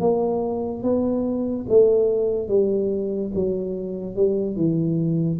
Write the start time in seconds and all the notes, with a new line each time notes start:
0.00 A#3
0.83 B3
1.69 A3
2.48 G3
3.34 F#3
4.16 G3
4.56 E3